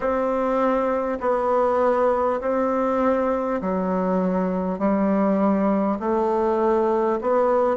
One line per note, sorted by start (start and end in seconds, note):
0.00 1.18 C4
1.20 2.40 B3
2.40 3.60 C4
3.61 4.78 F#3
4.78 5.98 G3
5.99 7.19 A3
7.21 7.77 B3